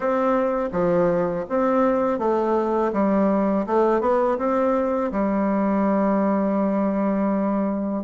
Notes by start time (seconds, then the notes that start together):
0.00 C4
0.72 F3
1.49 C4
2.18 A3
2.93 G3
3.66 A3
4.00 B3
4.37 C4
5.11 G3